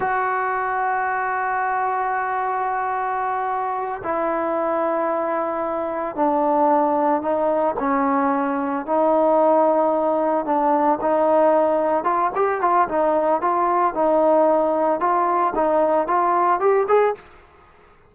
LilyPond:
\new Staff \with { instrumentName = "trombone" } { \time 4/4 \tempo 4 = 112 fis'1~ | fis'2.~ fis'8 e'8~ | e'2.~ e'8 d'8~ | d'4. dis'4 cis'4.~ |
cis'8 dis'2. d'8~ | d'8 dis'2 f'8 g'8 f'8 | dis'4 f'4 dis'2 | f'4 dis'4 f'4 g'8 gis'8 | }